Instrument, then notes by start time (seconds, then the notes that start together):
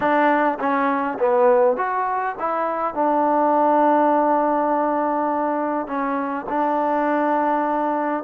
trombone
0.00 D4
0.59 C#4
1.18 B3
1.76 F#4
2.39 E4
2.94 D4
5.87 C#4
6.49 D4